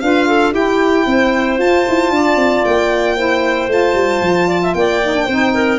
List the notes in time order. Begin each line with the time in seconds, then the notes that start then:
0.00 D4 F4 B4 F5
0.28 A4
0.53 E4 G4 G5
1.06 C4 C5
1.58 F4 A5
1.88 E4
2.10 D4 D5
2.36 C4
2.64 A#3 G5
3.16 E4 C5
3.68 A3 F4 A5
3.94 G3
4.21 F3
4.48 D5
4.62 E5
4.74 A#3 D5 G5
5.03 D#4
5.15 D4
5.25 C4 D#4 C5
5.54 A#4